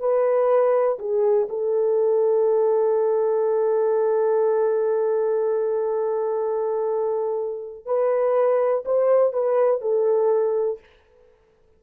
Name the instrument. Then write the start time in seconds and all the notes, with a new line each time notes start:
horn
0.00 B4
0.99 G#4
1.50 A4
7.86 B4
8.86 C5
9.33 B4
9.82 A4